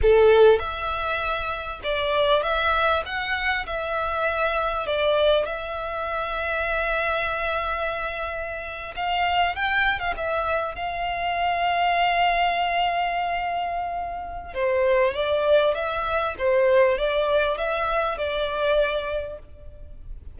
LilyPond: \new Staff \with { instrumentName = "violin" } { \time 4/4 \tempo 4 = 99 a'4 e''2 d''4 | e''4 fis''4 e''2 | d''4 e''2.~ | e''2~ e''8. f''4 g''16~ |
g''8 f''16 e''4 f''2~ f''16~ | f''1 | c''4 d''4 e''4 c''4 | d''4 e''4 d''2 | }